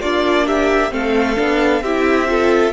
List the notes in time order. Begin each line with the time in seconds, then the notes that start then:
0.00 A#3 D4 F4 D5
0.45 G4 E5
0.90 A3 C4 A4 F5
1.35 B3 D4
1.81 C4 E4 G4 E5
2.27 F4 A4